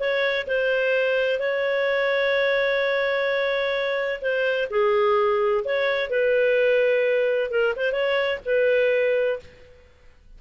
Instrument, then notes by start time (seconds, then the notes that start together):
clarinet
0.00 C#5
0.47 C5
1.40 C#5
4.21 C5
4.70 G#4
5.65 C#5
6.10 B4
7.51 A#4
7.76 C5
7.92 C#5
8.46 B4